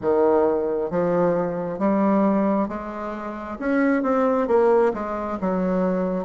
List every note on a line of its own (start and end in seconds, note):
0.01 0.90 D#3
0.90 1.78 F3
1.78 2.68 G3
2.68 3.57 G#3
3.59 4.03 C#4
4.03 4.47 C4
4.47 4.92 A#3
4.93 5.38 G#3
5.41 6.24 F#3